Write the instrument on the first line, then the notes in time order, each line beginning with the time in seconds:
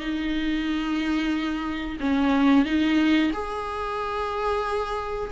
viola
0.00 D#4
2.00 C#4
2.66 D#4
3.33 G#4